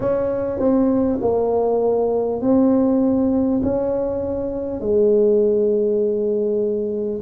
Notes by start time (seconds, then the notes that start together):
0.00 C#4
0.59 C4
1.21 A#3
2.41 C4
3.63 C#4
4.80 G#3